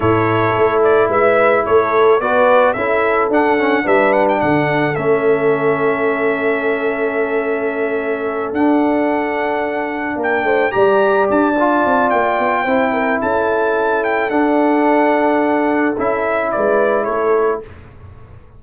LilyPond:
<<
  \new Staff \with { instrumentName = "trumpet" } { \time 4/4 \tempo 4 = 109 cis''4. d''8 e''4 cis''4 | d''4 e''4 fis''4 e''8 fis''16 g''16 | fis''4 e''2.~ | e''2.~ e''8 fis''8~ |
fis''2~ fis''8 g''4 ais''8~ | ais''8 a''4. g''2 | a''4. g''8 fis''2~ | fis''4 e''4 d''4 cis''4 | }
  \new Staff \with { instrumentName = "horn" } { \time 4/4 a'2 b'4 a'4 | b'4 a'2 b'4 | a'1~ | a'1~ |
a'2~ a'8 ais'8 c''8 d''8~ | d''2. c''8 ais'8 | a'1~ | a'2 b'4 a'4 | }
  \new Staff \with { instrumentName = "trombone" } { \time 4/4 e'1 | fis'4 e'4 d'8 cis'8 d'4~ | d'4 cis'2.~ | cis'2.~ cis'8 d'8~ |
d'2.~ d'8 g'8~ | g'4 f'2 e'4~ | e'2 d'2~ | d'4 e'2. | }
  \new Staff \with { instrumentName = "tuba" } { \time 4/4 a,4 a4 gis4 a4 | b4 cis'4 d'4 g4 | d4 a2.~ | a2.~ a8 d'8~ |
d'2~ d'8 ais8 a8 g8~ | g8 d'4 c'8 ais8 b8 c'4 | cis'2 d'2~ | d'4 cis'4 gis4 a4 | }
>>